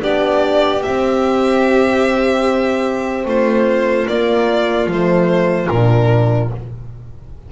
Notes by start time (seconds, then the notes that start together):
0.00 B3 D4 G4 D5
0.83 C4 E5
3.25 A3 F4 C5
4.07 A#3 D5
4.87 F3 A3 C5
5.68 A#2 D4 A#4